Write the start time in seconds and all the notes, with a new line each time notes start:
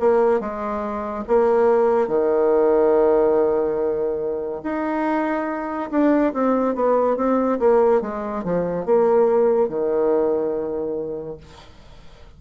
0.00 A#3
0.41 G#3
1.28 A#3
2.08 D#3
4.64 D#4
5.91 D4
6.34 C4
6.75 B3
7.17 C4
7.60 A#3
8.02 G#3
8.44 F3
8.86 A#3
9.69 D#3